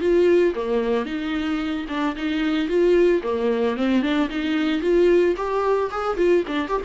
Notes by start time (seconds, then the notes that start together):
0.00 F4
0.55 A#3
1.05 D#4
1.88 D4
2.16 D#4
2.68 F4
3.22 A#3
3.76 C4
4.02 D4
4.29 D#4
4.81 F4
5.36 G4
5.91 G#4
6.17 F4
6.47 D4
6.68 G4